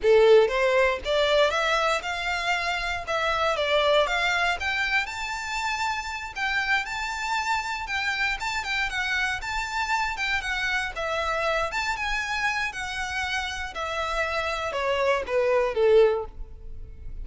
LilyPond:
\new Staff \with { instrumentName = "violin" } { \time 4/4 \tempo 4 = 118 a'4 c''4 d''4 e''4 | f''2 e''4 d''4 | f''4 g''4 a''2~ | a''8 g''4 a''2 g''8~ |
g''8 a''8 g''8 fis''4 a''4. | g''8 fis''4 e''4. a''8 gis''8~ | gis''4 fis''2 e''4~ | e''4 cis''4 b'4 a'4 | }